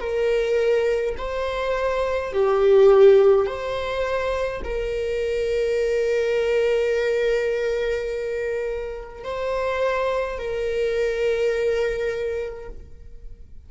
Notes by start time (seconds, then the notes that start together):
0.00 A#4
1.17 C5
2.33 G4
3.47 C5
4.64 A#4
9.24 C5
10.38 A#4